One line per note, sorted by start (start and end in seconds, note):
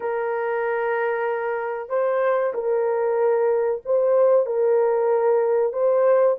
0.00 1.89 A#4
1.89 2.53 C5
2.54 3.81 A#4
3.85 4.46 C5
4.46 5.72 A#4
5.72 6.36 C5